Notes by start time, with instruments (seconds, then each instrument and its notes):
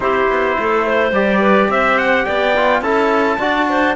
0.00 cello C4, trombone E4, clarinet G4, trumpet C5
0.28 cello B3
0.58 cello A3, clarinet A4
0.87 clarinet C5
1.11 cello G3, trombone G4, trumpet D5
1.40 clarinet B4
1.69 cello C4, clarinet C5, trumpet E5
1.98 trumpet F#5
2.25 cello B3, clarinet D5, trumpet G5
2.56 trombone F4
2.81 cello C#4, trombone E4, clarinet A4, trumpet A5
3.38 cello D4, trombone F#4, clarinet D5
3.69 clarinet C5